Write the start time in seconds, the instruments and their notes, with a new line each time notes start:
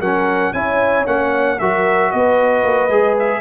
0.00 tuba F#3, trombone C#4, horn A#4, trumpet F#5
0.53 tuba C#4, trombone E4, horn C#5, trumpet G#5
1.05 tuba A#3, trombone C#4, trumpet F#5
1.59 tuba F#3, trombone F#4, horn A#4, trumpet E5
2.12 tuba B3, horn B4, trumpet D#5
2.63 tuba A#3
2.89 tuba G#3, trombone G#4
3.19 trumpet E5